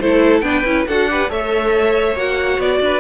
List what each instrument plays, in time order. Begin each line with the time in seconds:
0.00 cello A3, viola E4, violin A4 C5
0.40 cello B3, viola D4, violin B4 G5
0.65 cello C#4, viola E4
0.87 cello D4, viola F#4, violin A4 F#5
1.09 viola G4, violin B4
1.29 cello A3, viola A4, violin C#5 E5
2.15 cello A#3, viola F#4, violin F#5
2.58 cello B3, violin D5
2.80 cello D4, violin B4